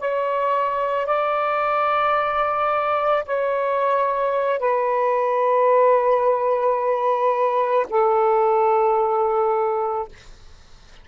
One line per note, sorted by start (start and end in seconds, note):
0.00 1.07 C#5
1.07 3.25 D5
3.26 4.60 C#5
4.60 7.87 B4
7.90 10.09 A4